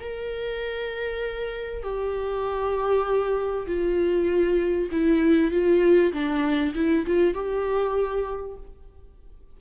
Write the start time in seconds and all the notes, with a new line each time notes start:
0.00 A#4
1.83 G4
3.67 F4
4.92 E4
5.51 F4
6.13 D4
6.75 E4
7.07 F4
7.34 G4